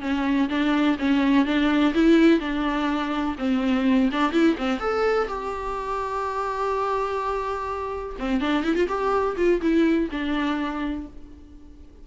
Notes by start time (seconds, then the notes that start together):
0.00 C#4
0.49 D4
0.98 C#4
1.45 D4
1.94 E4
2.39 D4
3.38 C4
4.11 D4
4.32 E4
4.57 C4
4.80 A4
5.28 G4
8.19 C4
8.40 D4
8.64 E4
8.75 F4
8.88 G4
9.36 F4
9.61 E4
10.10 D4